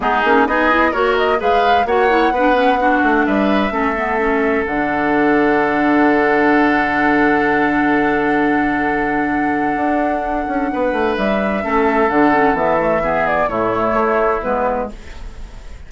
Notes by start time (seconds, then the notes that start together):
0.00 G#3 B3 D#4 G#4
0.24 A#3 C#4
0.46 B3 D#4 G#4 D#5
0.70 E4
0.91 A#3 F#4 A#4 C#5
1.17 D#5
1.37 G#3 G#4 B4 F5
1.85 A#3 F#4 C#5 F#5
2.09 E4
2.31 B3 B4
2.37 D4
2.53 C#4
2.80 D4 F#4
3.03 A3
3.25 G3 B4 E5
3.70 A3 C#4 A4
3.96 B3
4.18 C#4
4.66 D3 D4 F#5
9.76 D4
10.47 C#4
10.72 B3 B4
10.92 A3
11.17 G3 E5
11.62 A3 C#4 A4
12.09 D3 D4 F#5
12.32 C#4
12.53 E3 B3 E5
12.78 A3
13.02 B3 G#4
13.27 D5
13.48 A2 A3 E4 C#5
13.93 A3
14.42 G#3 B3 B4